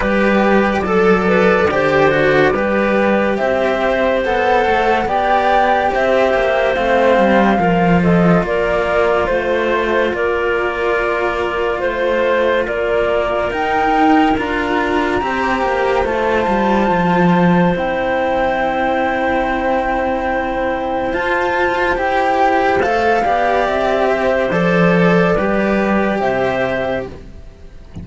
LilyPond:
<<
  \new Staff \with { instrumentName = "flute" } { \time 4/4 \tempo 4 = 71 d''1 | e''4 fis''4 g''4 e''4 | f''4. dis''8 d''4 c''4 | d''2 c''4 d''4 |
g''4 ais''2 a''4~ | a''4 g''2.~ | g''4 a''4 g''4 f''4 | e''4 d''2 e''4 | }
  \new Staff \with { instrumentName = "clarinet" } { \time 4/4 b'4 a'8 b'8 c''4 b'4 | c''2 d''4 c''4~ | c''4 ais'8 a'8 ais'4 c''4 | ais'2 c''4 ais'4~ |
ais'2 c''2~ | c''1~ | c''2.~ c''8 d''8~ | d''8 c''4. b'4 c''4 | }
  \new Staff \with { instrumentName = "cello" } { \time 4/4 g'4 a'4 g'8 fis'8 g'4~ | g'4 a'4 g'2 | c'4 f'2.~ | f'1 |
dis'4 f'4 g'4 f'4~ | f'4 e'2.~ | e'4 f'4 g'4 a'8 g'8~ | g'4 a'4 g'2 | }
  \new Staff \with { instrumentName = "cello" } { \time 4/4 g4 fis4 d4 g4 | c'4 b8 a8 b4 c'8 ais8 | a8 g8 f4 ais4 a4 | ais2 a4 ais4 |
dis'4 d'4 c'8 ais8 a8 g8 | f4 c'2.~ | c'4 f'4 e'4 a8 b8 | c'4 f4 g4 c4 | }
>>